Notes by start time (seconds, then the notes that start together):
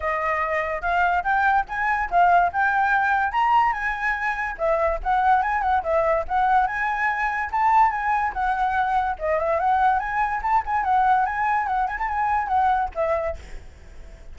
0.00 D#5
0.81 F5
1.23 G5
1.68 G#5
2.10 F5
2.52 G5
3.32 A#5
3.73 G#5
4.58 E5
5.03 F#5
5.42 G#5
5.61 F#5
5.83 E5
6.28 F#5
6.66 G#5
7.51 A5
7.91 G#5
8.33 F#5
9.18 D#5
9.38 E5
9.59 F#5
9.99 G#5
10.42 A5
10.65 G#5
10.83 F#5
11.25 G#5
11.67 F#5
11.87 G#5
11.98 A5
12.08 G#5
12.47 F#5
12.94 E5